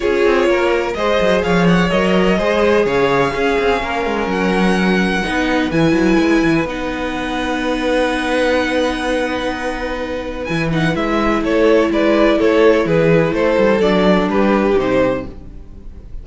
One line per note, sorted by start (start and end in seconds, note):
0.00 0.25 C#4
0.00 0.94 F4
0.00 0.48 G#4
0.00 0.92 C#5
0.25 0.46 C4
0.46 0.94 A#3
0.46 0.97 A#4
0.94 1.19 G#3
0.94 1.91 G#4
0.94 1.44 C5
0.94 1.41 D#5
1.20 1.43 F#3
1.43 1.91 F3
1.43 2.37 C#5
1.43 1.67 F5
1.67 1.90 F#5
1.90 2.38 F#3
1.90 2.37 A#4
1.90 2.85 D#5
2.37 2.85 G#3
2.37 3.32 G#4
2.37 2.85 C5
2.85 3.33 C#3
2.85 3.32 C#5
2.85 4.29 F5
3.32 5.22 C#4
3.32 3.57 C#4
3.32 3.82 G#4
3.59 3.82 C4
3.82 4.05 A#3
3.82 5.25 A#4
4.05 4.26 G#3
4.26 5.22 F#3
4.26 5.71 F#5
5.23 5.71 B3
5.23 5.71 D#4
5.23 11.41 B4
5.71 5.92 E3
5.71 6.67 E4
5.71 6.66 G#5
5.92 6.15 F#3
6.18 6.42 G#3
6.42 6.65 E3
6.65 10.46 B3
6.65 10.48 D#4
6.65 10.44 F#5
10.44 10.95 E3
10.44 10.71 E4
10.44 10.68 G#5
10.71 10.94 D#4
10.71 10.95 F#5
10.94 11.42 G#3
10.94 13.80 E4
10.94 11.43 E5
11.41 11.89 A3
11.41 11.89 A4
11.41 11.91 C#5
11.90 12.38 G#3
11.90 12.38 B4
11.90 12.40 D5
12.38 12.85 A3
12.38 12.86 A4
12.38 12.87 C#5
12.85 13.31 E3
12.85 13.33 G#4
12.85 13.34 B4
13.31 13.55 A3
13.31 14.30 A4
13.31 13.80 C5
13.58 13.80 G3
13.80 14.27 F#3
13.80 14.76 D4
13.80 14.28 D5
14.27 14.75 G3
14.27 15.25 G4
14.27 14.77 B4
14.76 15.25 C3
14.76 15.24 D#4
14.76 15.26 C5